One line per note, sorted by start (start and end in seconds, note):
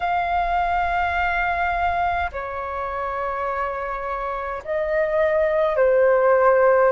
0.00 2.30 F5
2.32 4.63 C#5
4.64 5.76 D#5
5.76 6.91 C5